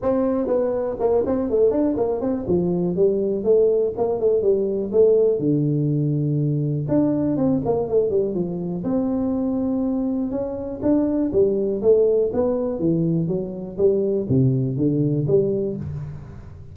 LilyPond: \new Staff \with { instrumentName = "tuba" } { \time 4/4 \tempo 4 = 122 c'4 b4 ais8 c'8 a8 d'8 | ais8 c'8 f4 g4 a4 | ais8 a8 g4 a4 d4~ | d2 d'4 c'8 ais8 |
a8 g8 f4 c'2~ | c'4 cis'4 d'4 g4 | a4 b4 e4 fis4 | g4 c4 d4 g4 | }